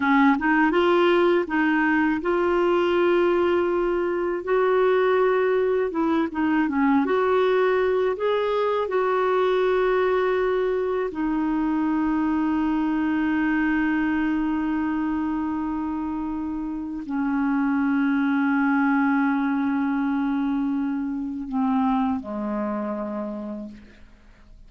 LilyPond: \new Staff \with { instrumentName = "clarinet" } { \time 4/4 \tempo 4 = 81 cis'8 dis'8 f'4 dis'4 f'4~ | f'2 fis'2 | e'8 dis'8 cis'8 fis'4. gis'4 | fis'2. dis'4~ |
dis'1~ | dis'2. cis'4~ | cis'1~ | cis'4 c'4 gis2 | }